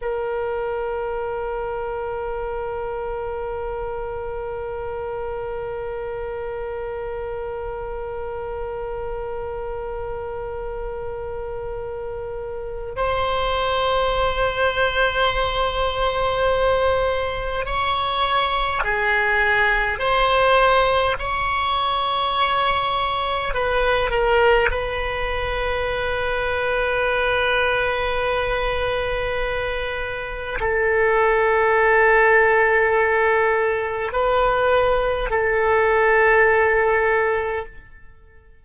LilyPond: \new Staff \with { instrumentName = "oboe" } { \time 4/4 \tempo 4 = 51 ais'1~ | ais'1~ | ais'2. c''4~ | c''2. cis''4 |
gis'4 c''4 cis''2 | b'8 ais'8 b'2.~ | b'2 a'2~ | a'4 b'4 a'2 | }